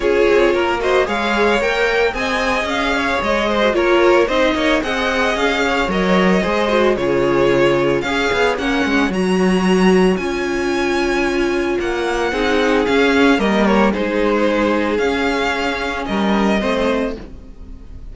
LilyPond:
<<
  \new Staff \with { instrumentName = "violin" } { \time 4/4 \tempo 4 = 112 cis''4. dis''8 f''4 g''4 | gis''4 f''4 dis''4 cis''4 | dis''4 fis''4 f''4 dis''4~ | dis''4 cis''2 f''4 |
fis''4 ais''2 gis''4~ | gis''2 fis''2 | f''4 dis''8 cis''8 c''2 | f''2 dis''2 | }
  \new Staff \with { instrumentName = "violin" } { \time 4/4 gis'4 ais'8 c''8 cis''2 | dis''4. cis''4 c''8 ais'4 | c''8 cis''8 dis''4. cis''4. | c''4 gis'2 cis''4~ |
cis''1~ | cis''2. gis'4~ | gis'4 ais'4 gis'2~ | gis'2 ais'4 c''4 | }
  \new Staff \with { instrumentName = "viola" } { \time 4/4 f'4. fis'8 gis'4 ais'4 | gis'2~ gis'8. fis'16 f'4 | dis'4 gis'2 ais'4 | gis'8 fis'8 f'2 gis'4 |
cis'4 fis'2 f'4~ | f'2. dis'4 | cis'4 ais4 dis'2 | cis'2. c'4 | }
  \new Staff \with { instrumentName = "cello" } { \time 4/4 cis'8 c'8 ais4 gis4 ais4 | c'4 cis'4 gis4 ais4 | c'8 ais8 c'4 cis'4 fis4 | gis4 cis2 cis'8 b8 |
ais8 gis8 fis2 cis'4~ | cis'2 ais4 c'4 | cis'4 g4 gis2 | cis'2 g4 a4 | }
>>